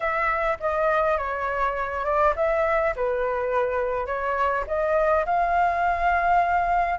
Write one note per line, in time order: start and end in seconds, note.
0.00 0.58 E5
0.60 1.17 D#5
1.17 2.04 C#5
2.04 2.34 D5
2.36 2.94 E5
2.95 4.06 B4
4.06 4.64 C#5
4.67 5.25 D#5
5.25 6.99 F5